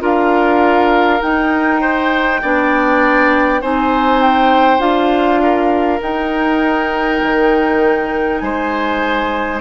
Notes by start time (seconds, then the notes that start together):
0.00 D4 F4 A#4 F5
1.21 D#4 G5
1.81 C5
2.43 B3 D4 D5
3.62 C4 D#4 C5 G#5
4.22 G5
4.79 D4 F4 F5
5.43 A#4
6.02 D#4 G5
7.23 D#3
8.39 G#3 C5 G#5